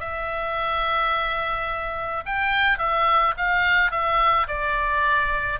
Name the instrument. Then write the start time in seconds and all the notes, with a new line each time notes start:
oboe
0.00 E5
2.26 G5
2.79 E5
3.37 F5
3.92 E5
4.48 D5